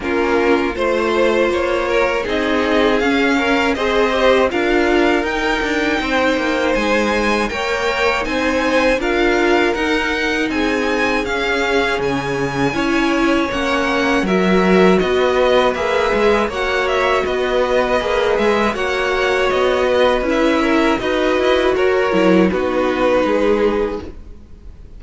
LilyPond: <<
  \new Staff \with { instrumentName = "violin" } { \time 4/4 \tempo 4 = 80 ais'4 c''4 cis''4 dis''4 | f''4 dis''4 f''4 g''4~ | g''4 gis''4 g''4 gis''4 | f''4 fis''4 gis''4 f''4 |
gis''2 fis''4 e''4 | dis''4 e''4 fis''8 e''8 dis''4~ | dis''8 e''8 fis''4 dis''4 e''4 | dis''4 cis''4 b'2 | }
  \new Staff \with { instrumentName = "violin" } { \time 4/4 f'4 c''4. ais'8 gis'4~ | gis'8 ais'8 c''4 ais'2 | c''2 cis''4 c''4 | ais'2 gis'2~ |
gis'4 cis''2 ais'4 | b'2 cis''4 b'4~ | b'4 cis''4. b'4 ais'8 | b'4 ais'4 fis'4 gis'4 | }
  \new Staff \with { instrumentName = "viola" } { \time 4/4 cis'4 f'2 dis'4 | cis'4 gis'8 g'8 f'4 dis'4~ | dis'2 ais'4 dis'4 | f'4 dis'2 cis'4~ |
cis'4 e'4 cis'4 fis'4~ | fis'4 gis'4 fis'2 | gis'4 fis'2 e'4 | fis'4. e'8 dis'2 | }
  \new Staff \with { instrumentName = "cello" } { \time 4/4 ais4 a4 ais4 c'4 | cis'4 c'4 d'4 dis'8 d'8 | c'8 ais8 gis4 ais4 c'4 | d'4 dis'4 c'4 cis'4 |
cis4 cis'4 ais4 fis4 | b4 ais8 gis8 ais4 b4 | ais8 gis8 ais4 b4 cis'4 | dis'8 e'8 fis'8 fis8 b4 gis4 | }
>>